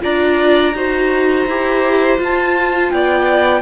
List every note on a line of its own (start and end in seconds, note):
0.00 0.73 D4
0.00 0.72 F4
0.00 0.75 D5
0.00 2.19 A#5
0.73 1.46 D#4
0.73 1.47 F#4
0.73 2.92 C5
1.46 2.18 E4
1.46 2.18 G4
2.18 3.61 F4
2.18 2.91 F4
2.18 2.90 A5
2.90 3.61 B3
2.90 3.61 D5
2.90 3.61 G5